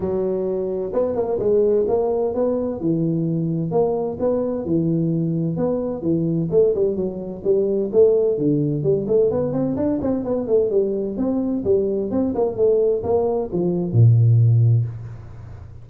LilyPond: \new Staff \with { instrumentName = "tuba" } { \time 4/4 \tempo 4 = 129 fis2 b8 ais8 gis4 | ais4 b4 e2 | ais4 b4 e2 | b4 e4 a8 g8 fis4 |
g4 a4 d4 g8 a8 | b8 c'8 d'8 c'8 b8 a8 g4 | c'4 g4 c'8 ais8 a4 | ais4 f4 ais,2 | }